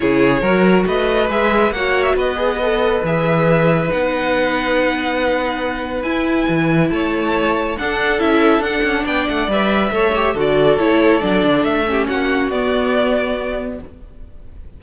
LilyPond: <<
  \new Staff \with { instrumentName = "violin" } { \time 4/4 \tempo 4 = 139 cis''2 dis''4 e''4 | fis''8. e''16 dis''2 e''4~ | e''4 fis''2.~ | fis''2 gis''2 |
a''2 fis''4 e''4 | fis''4 g''8 fis''8 e''2 | d''4 cis''4 d''4 e''4 | fis''4 d''2. | }
  \new Staff \with { instrumentName = "violin" } { \time 4/4 gis'4 ais'4 b'2 | cis''4 b'2.~ | b'1~ | b'1 |
cis''2 a'2~ | a'4 d''2 cis''4 | a'2.~ a'8 g'8 | fis'1 | }
  \new Staff \with { instrumentName = "viola" } { \time 4/4 e'4 fis'2 gis'4 | fis'4. gis'8 a'4 gis'4~ | gis'4 dis'2.~ | dis'2 e'2~ |
e'2 d'4 e'4 | d'2 b'4 a'8 g'8 | fis'4 e'4 d'4. cis'8~ | cis'4 b2. | }
  \new Staff \with { instrumentName = "cello" } { \time 4/4 cis4 fis4 a4 gis4 | ais4 b2 e4~ | e4 b2.~ | b2 e'4 e4 |
a2 d'4 cis'4 | d'8 cis'8 b8 a8 g4 a4 | d4 a4 fis8 d8 a4 | ais4 b2. | }
>>